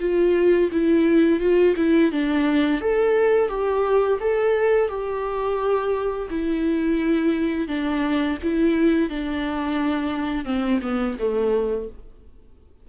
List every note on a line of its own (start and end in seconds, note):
0.00 0.70 F4
0.71 1.40 E4
1.40 1.74 F4
1.76 2.11 E4
2.12 2.81 D4
2.81 3.49 A4
3.49 4.18 G4
4.20 4.88 A4
4.88 6.28 G4
6.30 7.67 E4
7.67 8.37 D4
8.43 9.09 E4
9.09 10.45 D4
10.45 10.79 C4
10.82 11.17 B3
11.18 11.88 A3